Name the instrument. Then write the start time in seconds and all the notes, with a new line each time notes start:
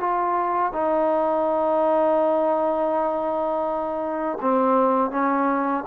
trombone
0.00 F4
0.73 D#4
4.41 C4
5.11 C#4